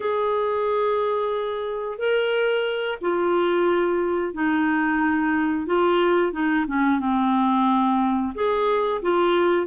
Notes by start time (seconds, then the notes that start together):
0.00 G#4
1.98 A#4
3.01 F4
4.33 D#4
5.66 F4
6.32 D#4
6.67 C#4
6.99 C4
8.35 G#4
9.02 F4